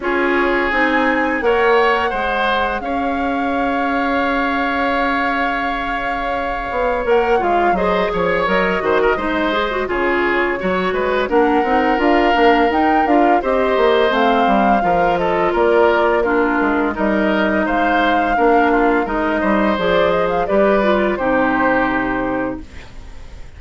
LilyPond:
<<
  \new Staff \with { instrumentName = "flute" } { \time 4/4 \tempo 4 = 85 cis''4 gis''4 fis''2 | f''1~ | f''2 fis''8 f''8 dis''8 cis''8 | dis''2 cis''2 |
fis''4 f''4 g''8 f''8 dis''4 | f''4. dis''8 d''4 ais'4 | dis''4 f''2 dis''4 | d''8 dis''16 f''16 d''4 c''2 | }
  \new Staff \with { instrumentName = "oboe" } { \time 4/4 gis'2 cis''4 c''4 | cis''1~ | cis''2. c''8 cis''8~ | cis''8 c''16 ais'16 c''4 gis'4 cis''8 b'8 |
ais'2. c''4~ | c''4 ais'8 a'8 ais'4 f'4 | ais'4 c''4 ais'8 f'8 ais'8 c''8~ | c''4 b'4 g'2 | }
  \new Staff \with { instrumentName = "clarinet" } { \time 4/4 f'4 dis'4 ais'4 gis'4~ | gis'1~ | gis'2 ais'8 f'8 gis'4 | ais'8 fis'8 dis'8 gis'16 fis'16 f'4 fis'4 |
d'8 dis'8 f'8 d'8 dis'8 f'8 g'4 | c'4 f'2 d'4 | dis'2 d'4 dis'4 | gis'4 g'8 f'8 dis'2 | }
  \new Staff \with { instrumentName = "bassoon" } { \time 4/4 cis'4 c'4 ais4 gis4 | cis'1~ | cis'4. b8 ais8 gis8 fis8 f8 | fis8 dis8 gis4 cis4 fis8 gis8 |
ais8 c'8 d'8 ais8 dis'8 d'8 c'8 ais8 | a8 g8 f4 ais4. gis8 | g4 gis4 ais4 gis8 g8 | f4 g4 c2 | }
>>